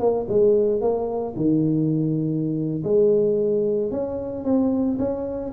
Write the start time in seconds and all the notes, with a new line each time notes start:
0.00 A#3
0.29 G#3
0.82 A#3
1.36 D#3
2.84 G#3
3.92 C#4
4.45 C4
4.99 C#4